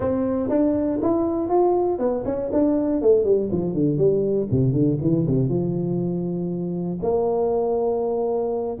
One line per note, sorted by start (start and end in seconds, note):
0.00 0.49 C4
0.49 0.99 D4
1.02 1.49 E4
1.49 1.98 F4
1.98 2.23 B3
2.25 2.50 C#4
2.52 3.01 D4
3.01 3.24 A3
3.24 3.49 G3
3.51 3.73 F3
3.73 3.97 D3
3.97 4.47 G3
4.51 4.72 C3
4.72 4.97 D3
5.01 5.26 E3
5.26 5.48 C3
5.48 6.98 F3
7.02 8.77 A#3